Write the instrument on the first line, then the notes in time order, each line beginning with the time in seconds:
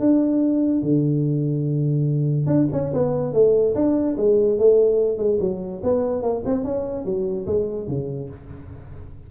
tuba
0.00 D4
0.83 D3
2.47 D4
2.73 C#4
2.94 B3
3.34 A3
3.75 D4
4.17 G#3
4.59 A3
5.18 G#3
5.41 F#3
5.84 B3
6.23 A#3
6.46 C4
6.64 C#4
7.05 F#3
7.47 G#3
7.88 C#3